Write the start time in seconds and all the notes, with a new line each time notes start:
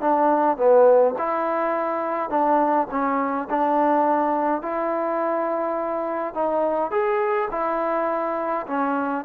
0.00 D4
0.57 B3
1.18 E4
2.29 D4
2.90 C#4
3.49 D4
4.62 E4
6.34 D#4
6.90 G#4
7.51 E4
8.67 C#4